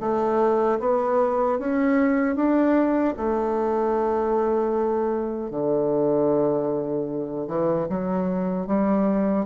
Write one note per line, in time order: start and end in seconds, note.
0.00 0.79 A3
0.80 1.59 B3
1.59 2.35 C#4
2.35 3.14 D4
3.17 5.50 A3
5.50 7.47 D3
7.47 7.87 E3
7.89 8.67 F#3
8.67 9.46 G3